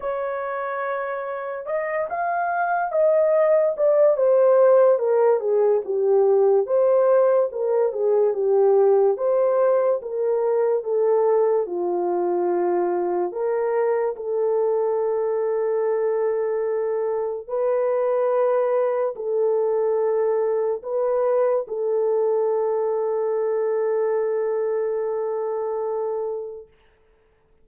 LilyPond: \new Staff \with { instrumentName = "horn" } { \time 4/4 \tempo 4 = 72 cis''2 dis''8 f''4 dis''8~ | dis''8 d''8 c''4 ais'8 gis'8 g'4 | c''4 ais'8 gis'8 g'4 c''4 | ais'4 a'4 f'2 |
ais'4 a'2.~ | a'4 b'2 a'4~ | a'4 b'4 a'2~ | a'1 | }